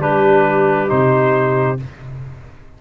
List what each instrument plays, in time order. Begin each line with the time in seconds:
0.00 tuba G3, trombone D4, clarinet G4, trumpet B4
0.88 tuba C3, trombone D#4, trumpet C5